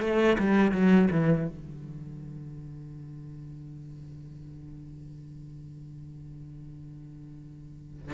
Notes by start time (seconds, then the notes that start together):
0.00 A3
0.39 G3
0.72 F#3
1.11 E3
1.48 D3